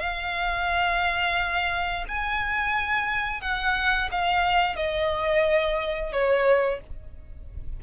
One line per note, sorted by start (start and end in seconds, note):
0.00 2.05 F5
2.08 3.41 G#5
3.41 4.09 F#5
4.11 4.76 F5
4.76 6.12 D#5
6.12 6.81 C#5